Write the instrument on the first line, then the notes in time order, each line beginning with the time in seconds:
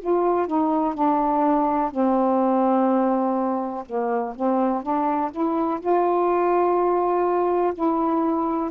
saxophone
0.00 F4
0.48 D#4
0.95 D4
1.91 C4
3.86 A#3
4.35 C4
4.83 D4
5.32 E4
5.81 F4
7.75 E4